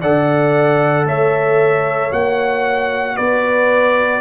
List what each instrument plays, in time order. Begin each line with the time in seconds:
0.00 tuba D3, trombone A4, horn D5, trumpet F#5
1.05 tuba A3, horn C#5, trumpet E5
2.11 tuba A#3, trombone F#4, trumpet F#5
3.16 tuba B3, horn B4, trumpet D5